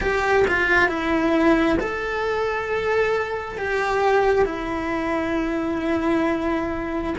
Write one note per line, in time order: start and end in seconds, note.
0.00 0.45 G4
0.47 0.88 F4
0.88 1.77 E4
1.79 3.58 A4
3.58 4.45 G4
4.45 7.14 E4